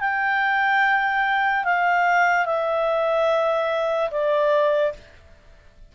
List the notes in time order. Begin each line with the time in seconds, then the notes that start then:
0.00 G5
1.64 F5
2.46 E5
4.11 D5